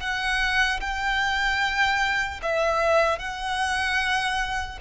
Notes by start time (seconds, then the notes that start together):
0.00 F#5
0.80 G5
2.42 E5
3.19 F#5